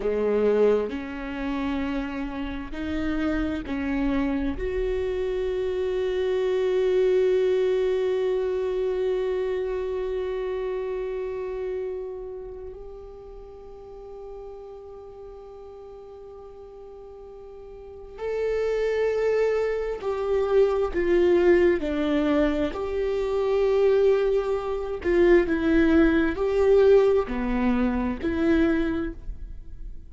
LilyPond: \new Staff \with { instrumentName = "viola" } { \time 4/4 \tempo 4 = 66 gis4 cis'2 dis'4 | cis'4 fis'2.~ | fis'1~ | fis'2 g'2~ |
g'1 | a'2 g'4 f'4 | d'4 g'2~ g'8 f'8 | e'4 g'4 b4 e'4 | }